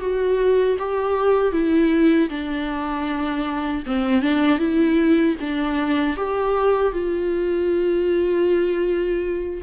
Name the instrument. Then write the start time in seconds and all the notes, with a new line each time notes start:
viola
0.00 F#4
0.78 G4
1.52 E4
2.29 D4
3.86 C4
4.22 D4
4.58 E4
5.40 D4
6.16 G4
6.92 F4